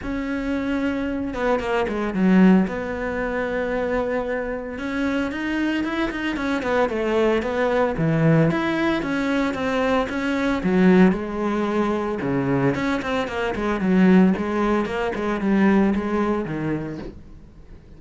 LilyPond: \new Staff \with { instrumentName = "cello" } { \time 4/4 \tempo 4 = 113 cis'2~ cis'8 b8 ais8 gis8 | fis4 b2.~ | b4 cis'4 dis'4 e'8 dis'8 | cis'8 b8 a4 b4 e4 |
e'4 cis'4 c'4 cis'4 | fis4 gis2 cis4 | cis'8 c'8 ais8 gis8 fis4 gis4 | ais8 gis8 g4 gis4 dis4 | }